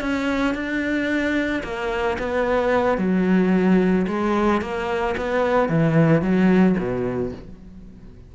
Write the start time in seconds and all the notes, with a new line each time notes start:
0.00 C#4
0.54 D4
1.63 A#3
2.18 B3
2.98 F#3
4.07 G#3
4.61 A#3
5.16 B3
5.69 E3
6.21 F#3
6.78 B2